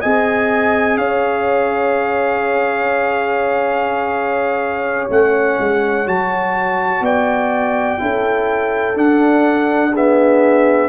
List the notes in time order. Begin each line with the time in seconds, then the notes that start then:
0.00 C4 G#4 D#5 G#5
0.97 C#4 C#5 F5
5.09 A3 C#4 F#5
5.59 G#3
6.05 F#3 F#4 A5
7.00 B3 D5 G5
7.98 C#4 E4 A4
8.94 D4 F#5
9.91 B3 G#4 E5